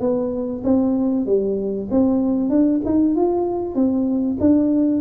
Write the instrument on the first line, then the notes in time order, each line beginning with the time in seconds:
tuba
0.00 B3
0.64 C4
1.26 G3
1.91 C4
2.50 D4
2.85 D#4
3.16 F4
3.75 C4
4.40 D4